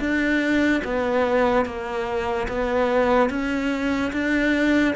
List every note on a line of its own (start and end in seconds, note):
0.00 0.82 D4
0.85 1.66 B3
1.66 2.48 A#3
2.48 3.30 B3
3.30 4.12 C#4
4.13 4.95 D4